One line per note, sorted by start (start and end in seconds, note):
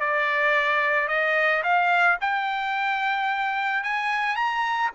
0.00 1.08 D5
1.08 1.63 D#5
1.63 2.18 F5
2.21 3.84 G5
3.84 4.36 G#5
4.36 4.90 A#5